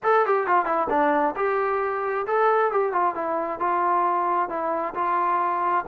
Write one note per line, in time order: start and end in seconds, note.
0.03 0.25 A4
0.26 0.46 G4
0.46 0.65 F4
0.65 0.87 E4
0.89 1.34 D4
1.35 2.26 G4
2.27 2.71 A4
2.71 2.92 G4
2.92 3.14 F4
3.14 3.59 E4
3.59 4.49 F4
4.49 4.94 E4
4.94 5.84 F4